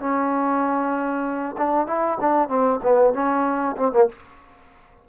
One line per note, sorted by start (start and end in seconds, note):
0.00 1.56 C#4
1.58 1.87 D4
1.87 2.18 E4
2.21 2.49 D4
2.49 2.80 C4
2.83 3.14 B3
3.14 3.76 C#4
3.77 3.93 C4
3.93 4.09 A#3